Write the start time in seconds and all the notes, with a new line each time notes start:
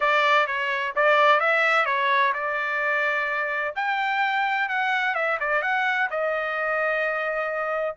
0.00 D5
0.46 C#5
0.95 D5
1.40 E5
1.85 C#5
2.33 D5
3.75 G5
4.68 F#5
5.14 E5
5.39 D5
5.62 F#5
6.10 D#5